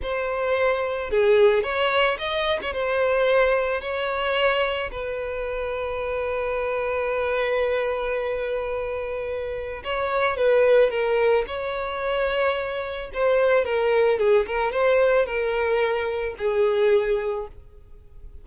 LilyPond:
\new Staff \with { instrumentName = "violin" } { \time 4/4 \tempo 4 = 110 c''2 gis'4 cis''4 | dis''8. cis''16 c''2 cis''4~ | cis''4 b'2.~ | b'1~ |
b'2 cis''4 b'4 | ais'4 cis''2. | c''4 ais'4 gis'8 ais'8 c''4 | ais'2 gis'2 | }